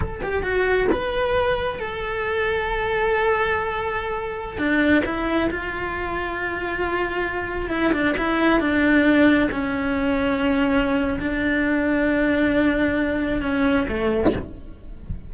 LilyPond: \new Staff \with { instrumentName = "cello" } { \time 4/4 \tempo 4 = 134 a'8 g'8 fis'4 b'2 | a'1~ | a'2~ a'16 d'4 e'8.~ | e'16 f'2.~ f'8.~ |
f'4~ f'16 e'8 d'8 e'4 d'8.~ | d'4~ d'16 cis'2~ cis'8.~ | cis'4 d'2.~ | d'2 cis'4 a4 | }